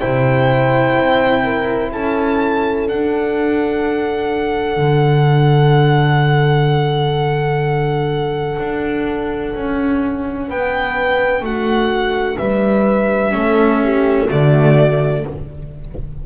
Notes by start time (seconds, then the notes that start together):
0.00 C3 E4 C5 G5
0.98 C4
1.44 A#4
1.92 C#4 A4 A5
2.86 D4 F#5
4.77 D3
8.59 D4
9.55 C#4
10.48 B3 B4 G5
11.41 A3 F#4 F#5
12.38 G3 B4 E5
13.33 A3 C#4 A4
13.84 G4
14.29 D3 A3 F#4 D5